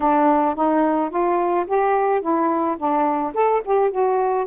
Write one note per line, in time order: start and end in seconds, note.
0.00 0.55 D4
0.55 1.10 D#4
1.10 1.65 F4
1.67 2.21 G4
2.21 2.77 E4
2.78 3.33 D4
3.33 3.61 A4
3.64 3.90 G4
3.90 4.46 F#4